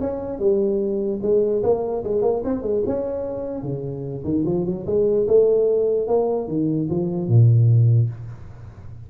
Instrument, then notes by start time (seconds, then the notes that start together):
tuba
0.00 C#4
0.39 G3
1.22 G#3
1.62 A#3
2.03 G#3
2.21 A#3
2.44 C4
2.62 G#3
2.86 C#4
3.62 C#3
4.24 D#3
4.45 F3
4.65 F#3
4.86 G#3
5.27 A3
6.07 A#3
6.47 D#3
6.90 F3
7.28 A#2